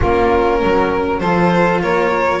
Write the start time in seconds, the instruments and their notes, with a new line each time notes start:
0.00 double bass A#3, cello C#4, saxophone F4, violin A#4
0.62 double bass F#3, saxophone A#4
1.19 double bass F3, cello F4, saxophone A4, violin C5
1.82 double bass A#3, saxophone A#4, violin C#5